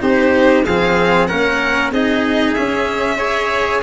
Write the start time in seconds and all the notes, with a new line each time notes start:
0.00 C4 D#4 G4 C5
0.65 F3 C4 G#4 F5
1.27 A#3 C#4 A#4 F#5
1.91 C4 D#4 G#4 D#5
2.54 C#4 E5
3.17 G#4 C#5